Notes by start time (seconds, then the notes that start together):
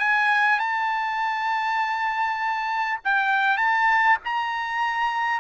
0.00 G#5
0.59 A5
3.05 G5
3.58 A5
4.25 A#5